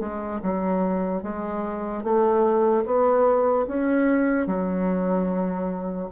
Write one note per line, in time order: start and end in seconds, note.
0.00 0.41 G#3
0.43 1.23 F#3
1.23 2.03 G#3
2.03 2.85 A3
2.86 3.67 B3
3.68 4.47 C#4
4.47 6.09 F#3